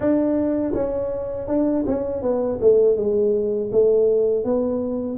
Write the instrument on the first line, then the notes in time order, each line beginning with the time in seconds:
tuba
0.00 D4
0.74 C#4
1.47 D4
1.86 C#4
2.22 B3
2.61 A3
2.96 G#3
3.72 A3
4.44 B3